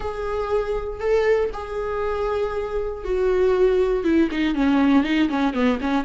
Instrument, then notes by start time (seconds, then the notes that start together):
viola
0.00 G#4
0.99 A4
1.53 G#4
3.04 F#4
4.04 E4
4.31 D#4
4.54 C#4
5.03 D#4
5.29 C#4
5.53 B3
5.80 C#4